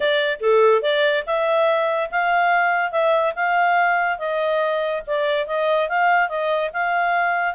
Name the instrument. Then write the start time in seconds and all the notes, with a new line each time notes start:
clarinet
0.00 D5
0.39 A4
0.81 D5
1.26 E5
2.10 F5
2.91 E5
3.35 F5
4.18 D#5
5.06 D5
5.46 D#5
5.89 F5
6.28 D#5
6.73 F5